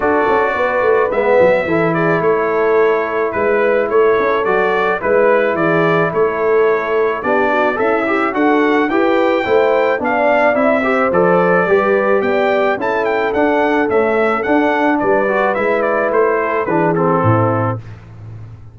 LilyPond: <<
  \new Staff \with { instrumentName = "trumpet" } { \time 4/4 \tempo 4 = 108 d''2 e''4. d''8 | cis''2 b'4 cis''4 | d''4 b'4 d''4 cis''4~ | cis''4 d''4 e''4 fis''4 |
g''2 f''4 e''4 | d''2 g''4 a''8 g''8 | fis''4 e''4 fis''4 d''4 | e''8 d''8 c''4 b'8 a'4. | }
  \new Staff \with { instrumentName = "horn" } { \time 4/4 a'4 b'2 a'8 gis'8 | a'2 b'4 a'4~ | a'4 b'4 gis'4 a'4~ | a'4 g'8 fis'8 e'4 a'4 |
b'4 c''4 d''4. c''8~ | c''4 b'4 d''4 a'4~ | a'2. b'4~ | b'4. a'8 gis'4 e'4 | }
  \new Staff \with { instrumentName = "trombone" } { \time 4/4 fis'2 b4 e'4~ | e'1 | fis'4 e'2.~ | e'4 d'4 a'8 g'8 fis'4 |
g'4 e'4 d'4 e'8 g'8 | a'4 g'2 e'4 | d'4 a4 d'4. fis'8 | e'2 d'8 c'4. | }
  \new Staff \with { instrumentName = "tuba" } { \time 4/4 d'8 cis'8 b8 a8 gis8 fis8 e4 | a2 gis4 a8 cis'8 | fis4 gis4 e4 a4~ | a4 b4 cis'4 d'4 |
e'4 a4 b4 c'4 | f4 g4 b4 cis'4 | d'4 cis'4 d'4 g4 | gis4 a4 e4 a,4 | }
>>